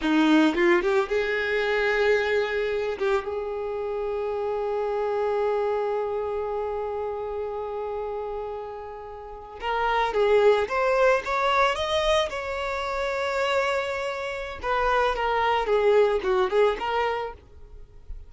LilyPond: \new Staff \with { instrumentName = "violin" } { \time 4/4 \tempo 4 = 111 dis'4 f'8 g'8 gis'2~ | gis'4. g'8 gis'2~ | gis'1~ | gis'1~ |
gis'4.~ gis'16 ais'4 gis'4 c''16~ | c''8. cis''4 dis''4 cis''4~ cis''16~ | cis''2. b'4 | ais'4 gis'4 fis'8 gis'8 ais'4 | }